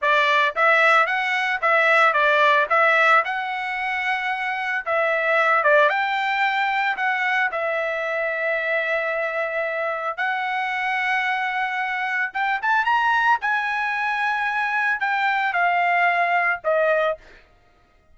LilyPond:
\new Staff \with { instrumentName = "trumpet" } { \time 4/4 \tempo 4 = 112 d''4 e''4 fis''4 e''4 | d''4 e''4 fis''2~ | fis''4 e''4. d''8 g''4~ | g''4 fis''4 e''2~ |
e''2. fis''4~ | fis''2. g''8 a''8 | ais''4 gis''2. | g''4 f''2 dis''4 | }